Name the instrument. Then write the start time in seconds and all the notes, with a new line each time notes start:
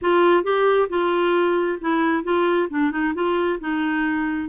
clarinet
0.01 F4
0.43 G4
0.89 F4
1.80 E4
2.23 F4
2.69 D4
2.91 D#4
3.14 F4
3.60 D#4